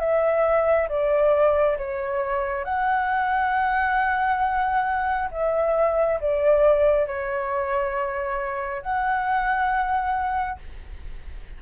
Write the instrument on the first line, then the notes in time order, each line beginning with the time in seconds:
flute
0.00 E5
0.89 D5
1.78 C#5
2.65 F#5
5.32 E5
6.21 D5
7.07 C#5
8.83 F#5